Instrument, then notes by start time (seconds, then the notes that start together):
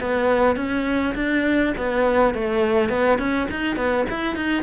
cello
0.00 B3
0.56 C#4
1.15 D4
1.77 B3
2.34 A3
2.89 B3
3.19 C#4
3.51 D#4
3.76 B3
4.10 E4
4.36 D#4